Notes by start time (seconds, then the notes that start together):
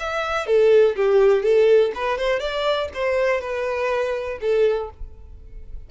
0.00 E5
0.47 A4
0.97 G4
1.43 A4
1.95 B4
2.18 C5
2.40 D5
2.94 C5
3.41 B4
4.41 A4